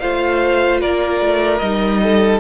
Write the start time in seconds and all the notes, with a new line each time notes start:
0.00 A3 F4 C5 F5
0.81 A#3 A#4 D5
1.21 A3
1.58 G3 D#4 D#5
2.03 A4